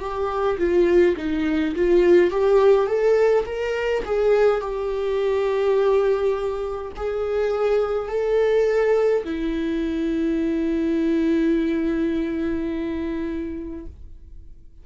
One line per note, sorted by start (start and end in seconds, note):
0.00 0.58 G4
0.58 1.15 F4
1.17 1.75 D#4
1.75 2.31 F4
2.31 2.86 G4
2.86 3.44 A4
3.46 4.03 A#4
4.05 4.60 G#4
4.60 6.91 G4
6.96 8.08 G#4
8.08 9.24 A4
9.24 13.86 E4